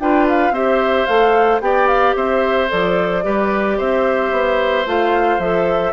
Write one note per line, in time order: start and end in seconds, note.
0.00 0.51 D4
0.00 0.54 F4
0.00 0.54 B4
0.00 0.27 G5
0.29 0.54 F5
0.51 1.05 C4
0.51 1.08 G4
0.51 1.62 C5
0.51 1.06 E5
1.06 1.61 A3
1.06 1.62 A4
1.06 1.60 F5
1.61 2.15 B3
1.61 2.69 G4
1.61 2.16 D5
1.61 1.88 G5
1.88 2.15 F5
2.16 2.70 C4
2.16 3.25 C5
2.16 2.70 E5
2.69 3.25 F3
2.69 3.23 A4
2.69 3.79 D5
3.23 3.79 G3
3.23 4.85 G4
3.23 3.78 B4
3.78 4.32 C4
3.78 5.93 C5
3.78 4.87 E5
4.32 4.86 B3
4.86 5.39 A3
4.86 5.40 F4
4.86 5.40 F5
5.39 5.93 F3
5.39 5.93 A4
5.39 5.93 E5